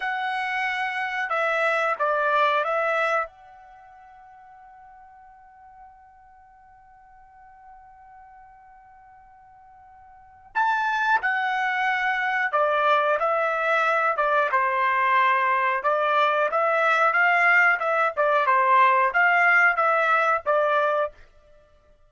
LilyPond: \new Staff \with { instrumentName = "trumpet" } { \time 4/4 \tempo 4 = 91 fis''2 e''4 d''4 | e''4 fis''2.~ | fis''1~ | fis''1 |
a''4 fis''2 d''4 | e''4. d''8 c''2 | d''4 e''4 f''4 e''8 d''8 | c''4 f''4 e''4 d''4 | }